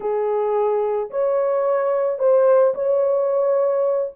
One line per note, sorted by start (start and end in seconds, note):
0.00 1.10 G#4
1.10 2.18 C#5
2.18 2.73 C5
2.74 4.12 C#5